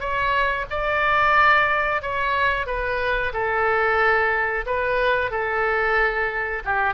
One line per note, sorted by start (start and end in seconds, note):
0.00 0.66 C#5
0.70 2.02 D5
2.02 2.67 C#5
2.67 3.33 B4
3.34 4.65 A4
4.66 5.31 B4
5.31 6.63 A4
6.65 6.94 G4